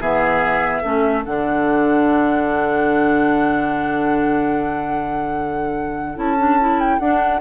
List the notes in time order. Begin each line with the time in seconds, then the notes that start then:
0.00 E3 B3 G#4 E5
0.82 A3 C#4 A4
1.25 D3 D4 F#5
6.15 C#4 E4 A5
6.38 D4
6.59 E4
6.80 G5
6.99 D4 F#5